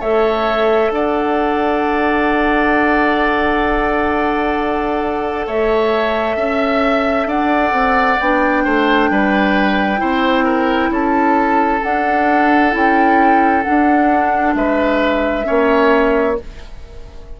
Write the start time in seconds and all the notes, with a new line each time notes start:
0.00 A3 A4 C#5 E5
0.90 D4 D5 F#5
5.46 A3 C#5 E5
6.36 C#4 E5
7.26 D4 D5 F#5
7.72 C4
8.20 B3 D4 G5
8.64 A3 C5
9.10 G3 B4
9.97 C4 E4 C5
10.44 A#4
10.90 C#4 A4 A5
11.83 D4 F#5
12.71 C#4 E4 G5
13.63 D4 F#5
13.69 D4
14.55 G#3 B4 E5
15.43 A#3 C#4 C#5